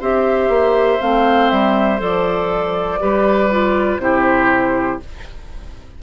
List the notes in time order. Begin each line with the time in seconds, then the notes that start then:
0.00 C4 G4 C5 E5
0.48 A#3
1.00 A3 C4 F5
1.50 G3 E5
1.98 F3 A4 D5
3.00 G3 G4 B4
3.51 F4
3.98 C3 E4 G4 C5